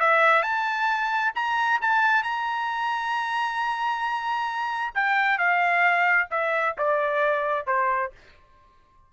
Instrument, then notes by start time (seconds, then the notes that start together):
trumpet
0.00 E5
0.43 A5
1.35 A#5
1.81 A5
2.23 A#5
4.95 G5
5.38 F5
6.31 E5
6.78 D5
7.67 C5